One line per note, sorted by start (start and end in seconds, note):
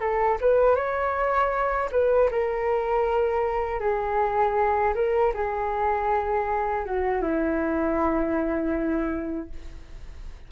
0.00 0.38 A4
0.41 0.76 B4
0.76 1.90 C#5
1.92 2.30 B4
2.31 3.80 A#4
3.80 4.94 G#4
4.95 5.33 A#4
5.34 6.86 G#4
6.86 7.22 F#4
7.22 9.50 E4